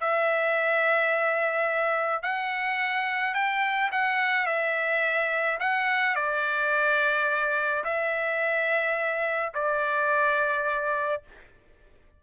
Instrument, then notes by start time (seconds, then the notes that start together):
trumpet
0.00 E5
2.23 F#5
3.34 G5
3.92 F#5
4.46 E5
5.59 F#5
6.15 D5
7.84 E5
9.54 D5